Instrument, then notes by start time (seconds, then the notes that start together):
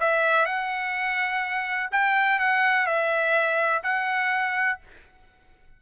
trumpet
0.00 E5
0.46 F#5
1.92 G5
2.39 F#5
2.86 E5
3.83 F#5